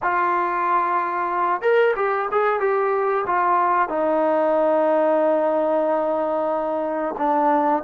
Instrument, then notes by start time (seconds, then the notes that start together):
trombone
0.02 F4
1.61 A#4
1.96 G4
2.32 G#4
2.59 G4
3.26 F4
3.89 D#4
7.17 D4